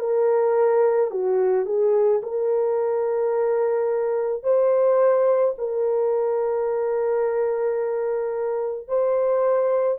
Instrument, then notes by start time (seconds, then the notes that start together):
horn
0.00 A#4
1.11 F#4
1.66 G#4
2.23 A#4
4.43 C5
5.58 A#4
8.88 C5